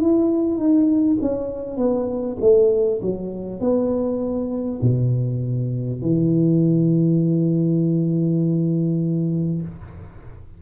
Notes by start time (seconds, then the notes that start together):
0.00 E4
0.57 D#4
1.22 C#4
1.77 B3
2.41 A3
3.02 F#3
3.60 B3
4.82 B2
6.02 E3